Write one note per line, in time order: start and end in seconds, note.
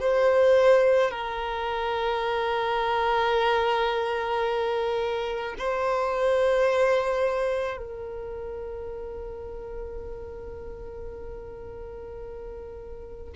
0.00 1.11 C5
1.11 5.55 A#4
5.58 7.77 C5
7.77 13.33 A#4